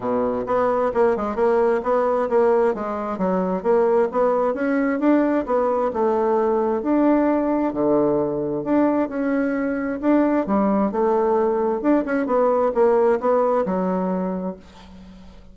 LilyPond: \new Staff \with { instrumentName = "bassoon" } { \time 4/4 \tempo 4 = 132 b,4 b4 ais8 gis8 ais4 | b4 ais4 gis4 fis4 | ais4 b4 cis'4 d'4 | b4 a2 d'4~ |
d'4 d2 d'4 | cis'2 d'4 g4 | a2 d'8 cis'8 b4 | ais4 b4 fis2 | }